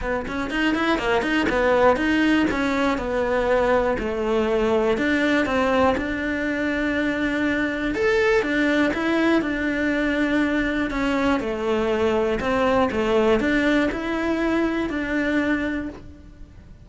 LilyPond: \new Staff \with { instrumentName = "cello" } { \time 4/4 \tempo 4 = 121 b8 cis'8 dis'8 e'8 ais8 dis'8 b4 | dis'4 cis'4 b2 | a2 d'4 c'4 | d'1 |
a'4 d'4 e'4 d'4~ | d'2 cis'4 a4~ | a4 c'4 a4 d'4 | e'2 d'2 | }